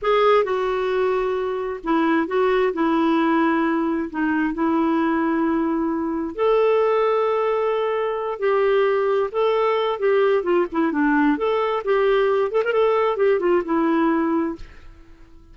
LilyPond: \new Staff \with { instrumentName = "clarinet" } { \time 4/4 \tempo 4 = 132 gis'4 fis'2. | e'4 fis'4 e'2~ | e'4 dis'4 e'2~ | e'2 a'2~ |
a'2~ a'8 g'4.~ | g'8 a'4. g'4 f'8 e'8 | d'4 a'4 g'4. a'16 ais'16 | a'4 g'8 f'8 e'2 | }